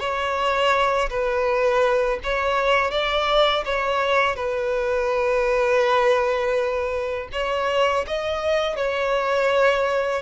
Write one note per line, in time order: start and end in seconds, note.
0.00 1.10 C#5
1.10 2.20 B4
2.24 2.91 C#5
2.91 3.65 D5
3.66 4.36 C#5
4.36 7.29 B4
7.33 8.06 C#5
8.08 8.77 D#5
8.77 10.23 C#5